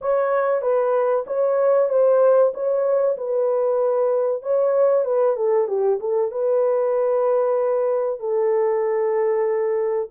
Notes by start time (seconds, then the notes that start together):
0.01 C#5
0.61 B4
1.26 C#5
1.89 C5
2.53 C#5
3.17 B4
4.42 C#5
5.04 B4
5.36 A4
5.67 G4
6.00 A4
6.31 B4
8.19 A4